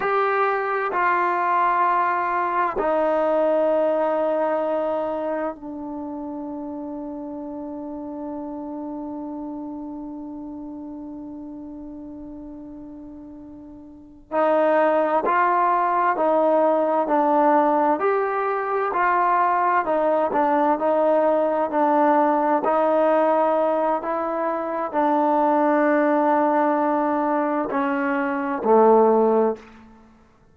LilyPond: \new Staff \with { instrumentName = "trombone" } { \time 4/4 \tempo 4 = 65 g'4 f'2 dis'4~ | dis'2 d'2~ | d'1~ | d'2.~ d'8 dis'8~ |
dis'8 f'4 dis'4 d'4 g'8~ | g'8 f'4 dis'8 d'8 dis'4 d'8~ | d'8 dis'4. e'4 d'4~ | d'2 cis'4 a4 | }